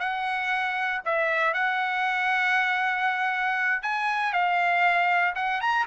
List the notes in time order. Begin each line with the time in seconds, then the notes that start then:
0.00 F#5
1.06 E5
1.54 F#5
3.83 G#5
4.33 F5
5.36 F#5
5.61 A#5